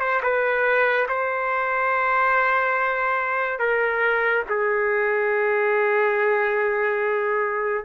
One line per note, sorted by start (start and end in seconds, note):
0.00 0.22 C5
0.23 1.08 B4
1.09 3.60 C5
3.60 4.44 A#4
4.49 7.85 G#4